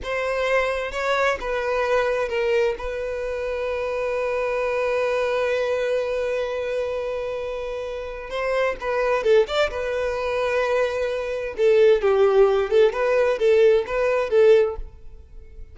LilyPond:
\new Staff \with { instrumentName = "violin" } { \time 4/4 \tempo 4 = 130 c''2 cis''4 b'4~ | b'4 ais'4 b'2~ | b'1~ | b'1~ |
b'2 c''4 b'4 | a'8 d''8 b'2.~ | b'4 a'4 g'4. a'8 | b'4 a'4 b'4 a'4 | }